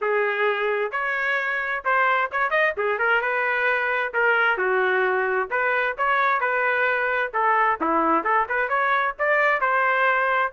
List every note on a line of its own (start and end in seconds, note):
0.01 0.91 G#4
0.91 1.83 C#5
1.84 2.30 C5
2.31 2.50 C#5
2.50 2.73 D#5
2.77 2.98 G#4
2.98 3.21 A#4
3.21 4.13 B4
4.13 4.57 A#4
4.57 5.49 F#4
5.50 5.96 B4
5.97 6.40 C#5
6.40 7.32 B4
7.33 7.79 A4
7.80 8.24 E4
8.24 8.46 A4
8.49 8.68 B4
8.68 9.14 C#5
9.18 9.60 D5
9.60 10.52 C5